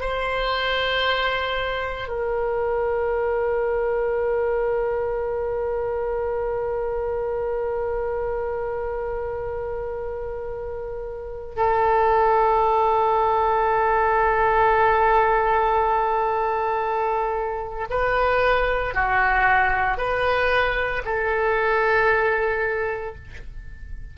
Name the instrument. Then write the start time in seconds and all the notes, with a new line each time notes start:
oboe
0.00 C5
2.08 A#4
11.56 A4
17.89 B4
18.94 F#4
19.97 B4
21.05 A4